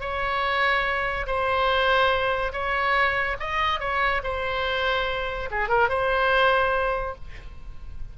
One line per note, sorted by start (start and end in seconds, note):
0.00 1.26 C#5
1.26 2.52 C5
2.52 3.36 C#5
3.39 3.79 D#5
3.79 4.21 C#5
4.23 5.49 C5
5.51 5.68 G#4
5.68 5.89 A#4
5.89 7.15 C5